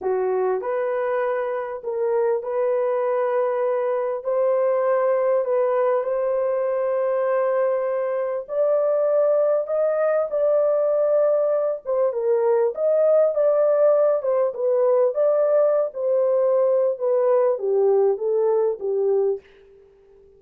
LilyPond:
\new Staff \with { instrumentName = "horn" } { \time 4/4 \tempo 4 = 99 fis'4 b'2 ais'4 | b'2. c''4~ | c''4 b'4 c''2~ | c''2 d''2 |
dis''4 d''2~ d''8 c''8 | ais'4 dis''4 d''4. c''8 | b'4 d''4~ d''16 c''4.~ c''16 | b'4 g'4 a'4 g'4 | }